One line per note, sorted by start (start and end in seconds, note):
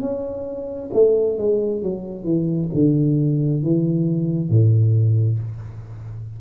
0.00 0.90 C#4
0.93 1.38 A3
1.38 1.82 G#3
1.82 2.23 F#3
2.23 2.68 E3
2.74 3.63 D3
3.63 4.49 E3
4.49 5.39 A2